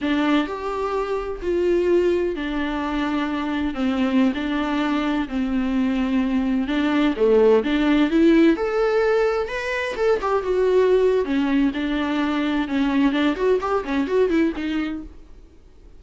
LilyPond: \new Staff \with { instrumentName = "viola" } { \time 4/4 \tempo 4 = 128 d'4 g'2 f'4~ | f'4 d'2. | c'4~ c'16 d'2 c'8.~ | c'2~ c'16 d'4 a8.~ |
a16 d'4 e'4 a'4.~ a'16~ | a'16 b'4 a'8 g'8 fis'4.~ fis'16 | cis'4 d'2 cis'4 | d'8 fis'8 g'8 cis'8 fis'8 e'8 dis'4 | }